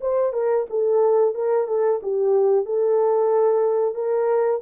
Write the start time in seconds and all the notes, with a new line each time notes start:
0.00 C5
0.33 A#4
0.69 A4
1.34 A#4
1.67 A4
2.02 G4
2.65 A4
3.94 A#4